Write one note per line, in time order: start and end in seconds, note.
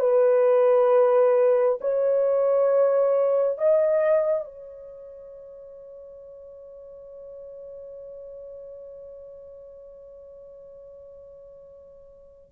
0.00 1.79 B4
1.81 3.58 C#5
3.58 4.45 D#5
4.45 12.51 C#5